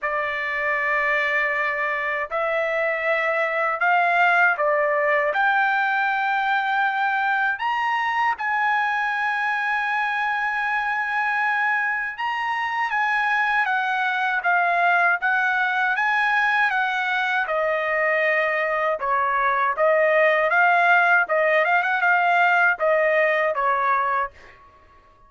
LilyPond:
\new Staff \with { instrumentName = "trumpet" } { \time 4/4 \tempo 4 = 79 d''2. e''4~ | e''4 f''4 d''4 g''4~ | g''2 ais''4 gis''4~ | gis''1 |
ais''4 gis''4 fis''4 f''4 | fis''4 gis''4 fis''4 dis''4~ | dis''4 cis''4 dis''4 f''4 | dis''8 f''16 fis''16 f''4 dis''4 cis''4 | }